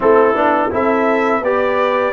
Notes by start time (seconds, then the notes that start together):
0.00 A3 C4 E4 A4
0.34 B3 D4
0.71 C4 E4 A4 E5
1.41 B3 G4 B4 D5